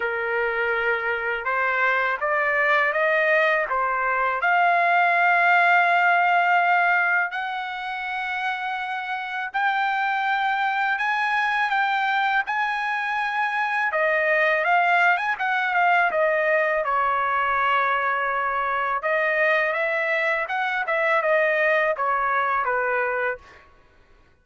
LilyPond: \new Staff \with { instrumentName = "trumpet" } { \time 4/4 \tempo 4 = 82 ais'2 c''4 d''4 | dis''4 c''4 f''2~ | f''2 fis''2~ | fis''4 g''2 gis''4 |
g''4 gis''2 dis''4 | f''8. gis''16 fis''8 f''8 dis''4 cis''4~ | cis''2 dis''4 e''4 | fis''8 e''8 dis''4 cis''4 b'4 | }